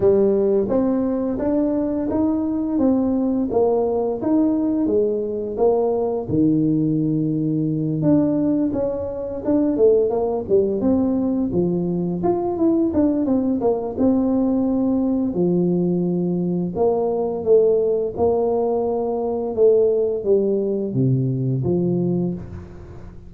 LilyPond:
\new Staff \with { instrumentName = "tuba" } { \time 4/4 \tempo 4 = 86 g4 c'4 d'4 dis'4 | c'4 ais4 dis'4 gis4 | ais4 dis2~ dis8 d'8~ | d'8 cis'4 d'8 a8 ais8 g8 c'8~ |
c'8 f4 f'8 e'8 d'8 c'8 ais8 | c'2 f2 | ais4 a4 ais2 | a4 g4 c4 f4 | }